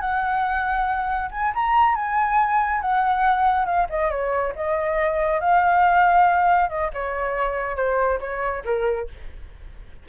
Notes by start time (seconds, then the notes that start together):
0.00 F#5
1.31 G#5
1.54 A#5
1.95 G#5
2.81 F#5
3.65 F5
3.89 D#5
4.10 C#5
4.55 D#5
5.40 F5
6.69 D#5
6.93 C#5
7.76 C5
8.20 C#5
8.64 A#4